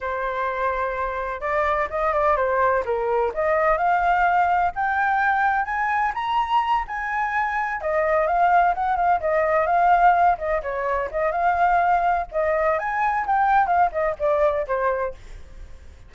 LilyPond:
\new Staff \with { instrumentName = "flute" } { \time 4/4 \tempo 4 = 127 c''2. d''4 | dis''8 d''8 c''4 ais'4 dis''4 | f''2 g''2 | gis''4 ais''4. gis''4.~ |
gis''8 dis''4 f''4 fis''8 f''8 dis''8~ | dis''8 f''4. dis''8 cis''4 dis''8 | f''2 dis''4 gis''4 | g''4 f''8 dis''8 d''4 c''4 | }